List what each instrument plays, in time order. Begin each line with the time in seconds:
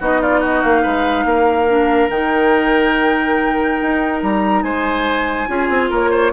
0.00 bassoon B3, clarinet D#4, oboe F#4, flute D#5
0.21 oboe F4, flute D5
0.40 oboe F#4, flute D#5
0.62 bassoon A#3, flute F5
0.83 bassoon G#3, oboe B4
1.25 bassoon A#3, oboe A#4
1.68 clarinet D4
2.10 bassoon D#3, clarinet D#4, flute G5
3.82 bassoon D#4
4.23 bassoon G3, flute A#5
4.63 bassoon G#3, oboe C5, flute G#5
5.48 bassoon C#4, clarinet F4, oboe G#4
5.70 bassoon C4
5.90 bassoon A#3, oboe A#4, flute C#5
6.11 oboe C5